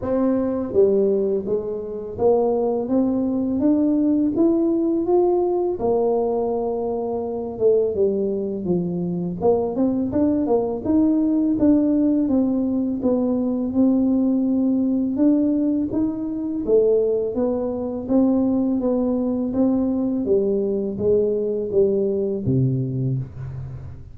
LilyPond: \new Staff \with { instrumentName = "tuba" } { \time 4/4 \tempo 4 = 83 c'4 g4 gis4 ais4 | c'4 d'4 e'4 f'4 | ais2~ ais8 a8 g4 | f4 ais8 c'8 d'8 ais8 dis'4 |
d'4 c'4 b4 c'4~ | c'4 d'4 dis'4 a4 | b4 c'4 b4 c'4 | g4 gis4 g4 c4 | }